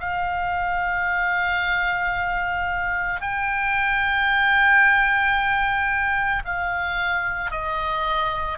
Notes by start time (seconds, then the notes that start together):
0.00 F5
3.21 G5
6.45 F5
7.51 D#5